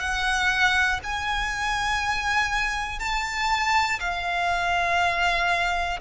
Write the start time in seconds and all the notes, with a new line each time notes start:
0.00 F#5
1.04 G#5
3.00 A5
4.00 F5